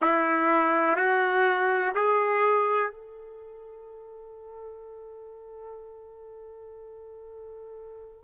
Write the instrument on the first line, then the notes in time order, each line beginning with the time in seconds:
trumpet
0.01 E4
0.96 F#4
1.94 G#4
2.91 A4